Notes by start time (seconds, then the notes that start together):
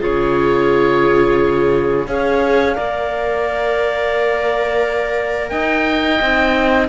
0.00 C#3 F4 G#4 C#5
2.07 C#4 G#4 C#5 F5
2.75 A#3 A#4 D5
5.50 D#4 D#5 G5
6.21 C4 D#4